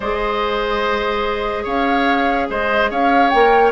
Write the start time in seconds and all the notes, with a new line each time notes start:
0.00 G#3 G#4 C5 D#5
1.63 C#4 C#5 F5
2.49 G#3 C5 D#5
2.90 C#4 C#5 F5
3.29 A#3 A#4 G5